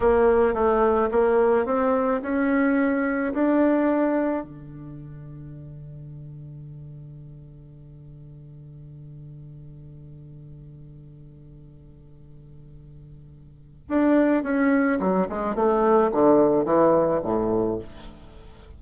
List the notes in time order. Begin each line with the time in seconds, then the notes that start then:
0.00 A#3
0.54 A3
1.11 A#3
1.65 C4
2.22 C#4
3.33 D4
4.44 D3
13.88 D4
14.43 C#4
14.99 F#3
15.29 G#3
15.55 A3
16.12 D3
16.65 E3
17.23 A2